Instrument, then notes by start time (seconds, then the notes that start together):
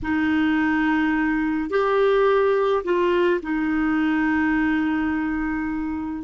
clarinet
0.02 D#4
1.70 G4
2.84 F4
3.42 D#4